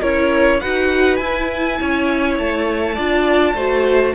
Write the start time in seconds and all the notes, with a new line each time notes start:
0.00 C#4 E4 A#4 C#5
0.61 D#4 F#4 B4 F#5
1.17 E4 G#5
1.80 C#4 C#5
2.39 A3 A5
2.95 D4 F4 D5
3.55 A3 F#4 C5